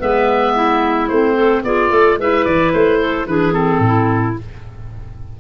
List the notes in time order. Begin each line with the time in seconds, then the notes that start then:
0.00 G#3 B3 B4 E5
0.55 E4
1.09 A3 C4 C5
1.35 A4
1.64 B3 F4 G#4 D5
1.90 A3 A4
2.19 G#3 E4 B4 E5
2.45 E3 D5
2.74 A3 C5
3.01 A4
3.27 E3 D4 G#4 B4
3.52 C4 A4
3.80 A2
3.86 E4